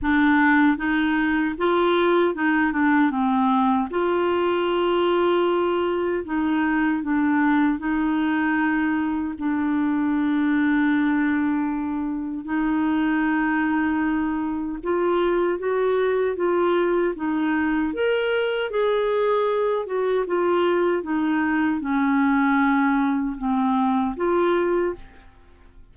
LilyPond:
\new Staff \with { instrumentName = "clarinet" } { \time 4/4 \tempo 4 = 77 d'4 dis'4 f'4 dis'8 d'8 | c'4 f'2. | dis'4 d'4 dis'2 | d'1 |
dis'2. f'4 | fis'4 f'4 dis'4 ais'4 | gis'4. fis'8 f'4 dis'4 | cis'2 c'4 f'4 | }